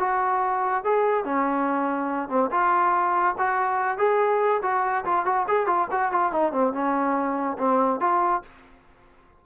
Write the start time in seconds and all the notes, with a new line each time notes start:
0.00 F#4
0.85 G#4
1.25 C#4
2.30 C4
2.51 F4
3.38 F#4
3.98 G#4
4.63 F#4
5.06 F4
5.26 F#4
5.48 G#4
5.67 F4
5.92 F#4
6.12 F4
6.33 D#4
6.53 C4
6.73 C#4
7.59 C4
8.01 F4